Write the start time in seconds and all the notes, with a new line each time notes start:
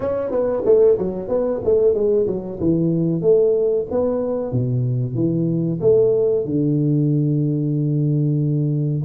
0.00 C#4
0.30 B3
0.65 A3
0.98 F#3
1.28 B3
1.64 A3
1.94 G#3
2.26 F#3
2.60 E3
3.21 A3
3.90 B3
4.52 B2
5.14 E3
5.80 A3
6.45 D3